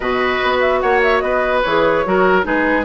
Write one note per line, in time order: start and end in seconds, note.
0.00 0.39 B2
0.00 1.64 F#4
0.00 0.79 B4
0.00 0.57 D#5
0.43 0.82 B3
0.60 0.80 E5
0.81 1.22 A#3
0.81 1.23 C#5
0.81 1.01 F#5
1.03 1.20 E5
1.20 1.63 B3
1.20 2.06 B4
1.20 1.61 D#5
1.62 2.05 E3
1.62 2.05 G#4
1.62 2.44 C#5
2.05 2.45 F#3
2.05 2.42 F#4
2.05 2.45 A#4
2.42 2.85 G#3
2.42 2.83 D#4
2.42 2.85 G#4
2.42 2.85 B4